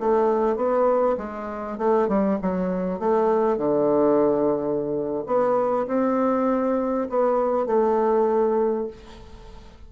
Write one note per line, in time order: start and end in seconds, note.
0.00 0.56 A3
0.56 1.17 B3
1.18 1.78 G#3
1.78 2.09 A3
2.09 2.39 G3
2.42 3.00 F#3
3.00 3.58 A3
3.58 5.25 D3
5.26 5.87 B3
5.88 7.09 C4
7.10 7.67 B3
7.67 8.88 A3